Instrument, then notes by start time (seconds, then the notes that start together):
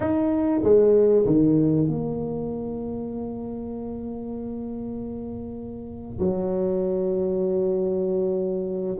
tuba
0.00 D#4
0.63 G#3
1.26 D#3
1.87 A#3
6.18 F#3